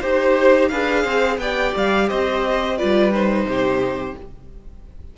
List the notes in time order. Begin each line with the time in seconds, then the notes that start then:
0.00 D#4 G4 C5
0.68 D4 G#4 B4 F5
1.03 C4 C5
1.37 B3 G4 D5 G5
1.76 G3 F5
2.08 C4 C5 D#5
2.77 G3 F4 B4 D5
3.12 D#4 C5
3.45 C3 G4